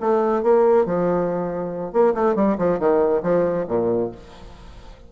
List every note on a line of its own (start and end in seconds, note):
0.00 0.42 A3
0.42 0.85 A#3
0.85 1.92 F3
1.92 2.14 A#3
2.14 2.35 A3
2.35 2.56 G3
2.58 2.79 F3
2.79 3.22 D#3
3.22 3.65 F3
3.68 4.11 A#2